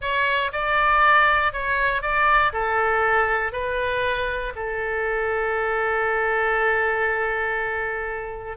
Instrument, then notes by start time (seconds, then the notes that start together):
oboe
0.01 C#5
0.52 D5
1.52 C#5
2.02 D5
2.52 A4
3.52 B4
4.55 A4